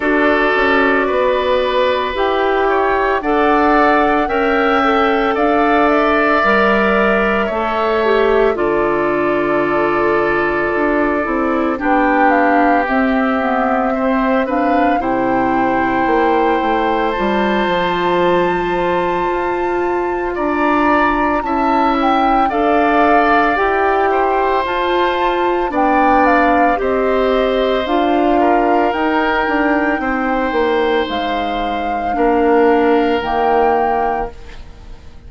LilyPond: <<
  \new Staff \with { instrumentName = "flute" } { \time 4/4 \tempo 4 = 56 d''2 g''4 fis''4 | g''4 f''8 e''2~ e''8 | d''2. g''8 f''8 | e''4. f''8 g''2 |
a''2. ais''4 | a''8 g''8 f''4 g''4 a''4 | g''8 f''8 dis''4 f''4 g''4~ | g''4 f''2 g''4 | }
  \new Staff \with { instrumentName = "oboe" } { \time 4/4 a'4 b'4. cis''8 d''4 | e''4 d''2 cis''4 | a'2. g'4~ | g'4 c''8 b'8 c''2~ |
c''2. d''4 | e''4 d''4. c''4. | d''4 c''4. ais'4. | c''2 ais'2 | }
  \new Staff \with { instrumentName = "clarinet" } { \time 4/4 fis'2 g'4 a'4 | ais'8 a'4. ais'4 a'8 g'8 | f'2~ f'8 e'8 d'4 | c'8 b8 c'8 d'8 e'2 |
f'1 | e'4 a'4 g'4 f'4 | d'4 g'4 f'4 dis'4~ | dis'2 d'4 ais4 | }
  \new Staff \with { instrumentName = "bassoon" } { \time 4/4 d'8 cis'8 b4 e'4 d'4 | cis'4 d'4 g4 a4 | d2 d'8 c'8 b4 | c'2 c4 ais8 a8 |
g8 f4. f'4 d'4 | cis'4 d'4 e'4 f'4 | b4 c'4 d'4 dis'8 d'8 | c'8 ais8 gis4 ais4 dis4 | }
>>